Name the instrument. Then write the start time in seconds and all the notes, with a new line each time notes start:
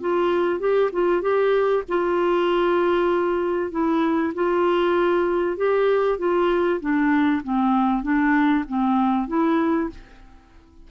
clarinet
0.00 F4
0.59 G4
0.92 F4
1.21 G4
1.88 F4
3.71 E4
4.34 F4
5.56 G4
6.18 F4
6.80 D4
7.43 C4
8.02 D4
8.68 C4
9.27 E4